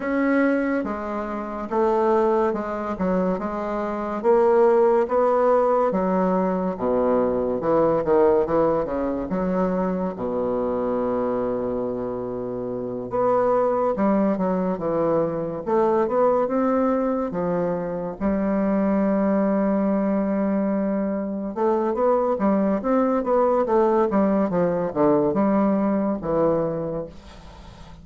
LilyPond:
\new Staff \with { instrumentName = "bassoon" } { \time 4/4 \tempo 4 = 71 cis'4 gis4 a4 gis8 fis8 | gis4 ais4 b4 fis4 | b,4 e8 dis8 e8 cis8 fis4 | b,2.~ b,8 b8~ |
b8 g8 fis8 e4 a8 b8 c'8~ | c'8 f4 g2~ g8~ | g4. a8 b8 g8 c'8 b8 | a8 g8 f8 d8 g4 e4 | }